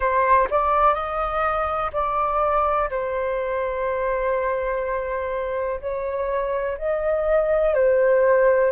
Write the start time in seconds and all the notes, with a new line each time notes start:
0.00 C5
0.50 D5
0.94 D#5
1.92 D5
2.90 C5
5.80 C#5
6.77 D#5
7.74 C5